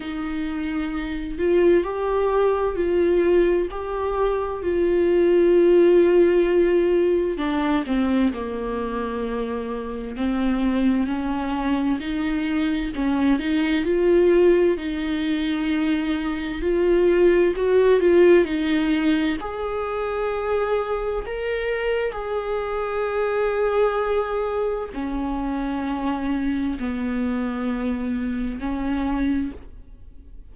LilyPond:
\new Staff \with { instrumentName = "viola" } { \time 4/4 \tempo 4 = 65 dis'4. f'8 g'4 f'4 | g'4 f'2. | d'8 c'8 ais2 c'4 | cis'4 dis'4 cis'8 dis'8 f'4 |
dis'2 f'4 fis'8 f'8 | dis'4 gis'2 ais'4 | gis'2. cis'4~ | cis'4 b2 cis'4 | }